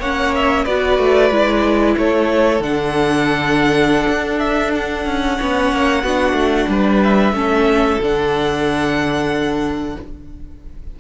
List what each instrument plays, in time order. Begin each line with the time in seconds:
0.00 cello A#3, viola C#4, violin C#5 F#5
0.35 violin E5
0.65 cello B3, viola F#4, violin B4 D5
0.99 cello A3
1.31 cello G#3, viola E4
1.98 cello A3, violin A4 C#5
2.60 cello D3, viola D4, violin F#5
4.09 cello D4
4.39 violin E5
4.76 violin F#5
5.06 cello C#4
5.38 cello B3, viola C#4, violin C#5
5.72 cello A#3
6.04 cello B3, viola D4, violin F#4
6.33 cello A3
6.68 cello G3, violin B4
7.03 violin E5
7.33 cello A3, viola C#4, violin A4
8.01 cello D3, viola D4, violin F#5